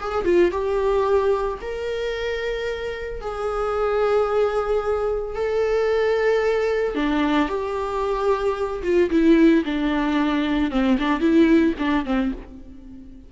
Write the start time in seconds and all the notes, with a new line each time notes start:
0.00 G#4
0.24 F4
0.51 G4
1.61 A#4
3.21 G#4
5.35 A4
6.94 D4
7.48 G4
8.83 F4
9.10 E4
9.65 D4
10.71 C4
10.98 D4
11.20 E4
11.79 D4
12.05 C4